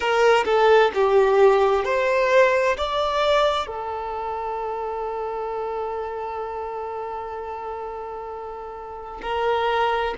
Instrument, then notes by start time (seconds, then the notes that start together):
violin
0.00 A#4
0.45 A4
0.94 G4
1.84 C5
2.77 D5
3.67 A4
9.21 A#4